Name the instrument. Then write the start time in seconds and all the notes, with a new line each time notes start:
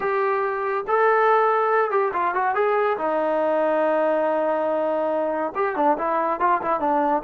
trombone
0.00 G4
0.87 A4
1.91 G4
2.13 F4
2.34 F#4
2.54 G#4
2.97 D#4
5.55 G4
5.76 D4
5.98 E4
6.40 F4
6.61 E4
6.79 D4